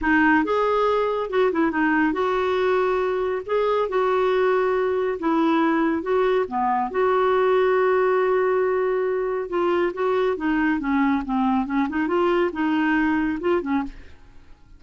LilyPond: \new Staff \with { instrumentName = "clarinet" } { \time 4/4 \tempo 4 = 139 dis'4 gis'2 fis'8 e'8 | dis'4 fis'2. | gis'4 fis'2. | e'2 fis'4 b4 |
fis'1~ | fis'2 f'4 fis'4 | dis'4 cis'4 c'4 cis'8 dis'8 | f'4 dis'2 f'8 cis'8 | }